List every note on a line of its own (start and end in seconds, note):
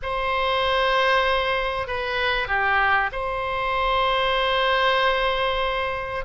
0.02 1.87 C5
1.87 2.47 B4
2.47 3.10 G4
3.12 6.24 C5